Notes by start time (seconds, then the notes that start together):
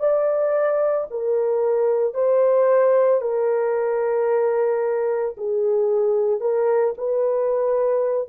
0.00 D5
1.11 A#4
2.14 C5
3.21 A#4
5.37 G#4
6.40 A#4
6.98 B4